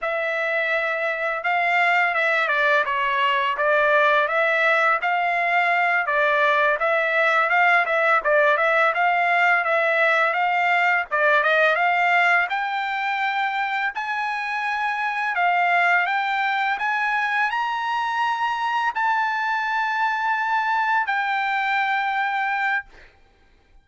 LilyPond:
\new Staff \with { instrumentName = "trumpet" } { \time 4/4 \tempo 4 = 84 e''2 f''4 e''8 d''8 | cis''4 d''4 e''4 f''4~ | f''8 d''4 e''4 f''8 e''8 d''8 | e''8 f''4 e''4 f''4 d''8 |
dis''8 f''4 g''2 gis''8~ | gis''4. f''4 g''4 gis''8~ | gis''8 ais''2 a''4.~ | a''4. g''2~ g''8 | }